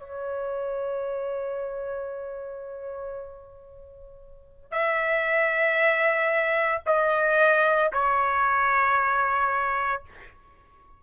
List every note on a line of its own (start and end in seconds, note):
0.00 4.72 C#5
4.72 6.82 E5
6.87 7.92 D#5
7.93 10.03 C#5